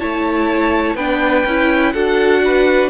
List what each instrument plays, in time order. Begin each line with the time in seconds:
0.00 cello A3, viola E4, violin C#5 A5
0.95 cello B3, viola D4, violin B4 G5
1.46 cello C#4, viola E4
1.93 cello D4, viola F#4, violin A4 F#5
2.45 violin B4